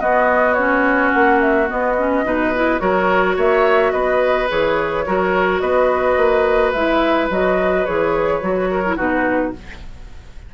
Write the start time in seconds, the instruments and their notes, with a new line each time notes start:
0.00 clarinet B3, bassoon B3, oboe F#4, flute D#5
0.53 clarinet C#4, flute C#5
1.12 bassoon A#3, flute F#5
1.40 flute E5
1.67 clarinet B3, bassoon B3, flute D#5
1.97 clarinet C#4
2.24 bassoon B2, clarinet D#4, oboe B4
2.55 clarinet E4
2.78 bassoon F#3, clarinet F#4, oboe A#4, flute C#5
3.36 bassoon A#3, oboe C#5, flute E5
3.91 bassoon B3, oboe B4, flute D#5
4.48 bassoon E3, clarinet G#4, flute C#5
5.06 bassoon F#3, clarinet F#4, oboe A#4
5.59 bassoon B3, oboe B4, flute D#5
6.16 bassoon A#3
6.72 bassoon G#3, clarinet E4, flute E5
7.29 bassoon F#3, clarinet F#4, flute D#5
7.85 bassoon E3, clarinet G#4, flute C#5
8.41 bassoon F#3, clarinet F#4
8.70 oboe A#4
8.86 clarinet E4
8.96 bassoon B2, clarinet D#4, oboe F#4, flute B4